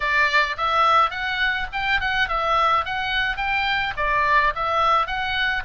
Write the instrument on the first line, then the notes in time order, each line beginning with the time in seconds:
oboe
0.00 D5
0.57 E5
1.10 F#5
1.72 G5
2.00 F#5
2.28 E5
2.85 F#5
3.37 G5
3.96 D5
4.55 E5
5.06 F#5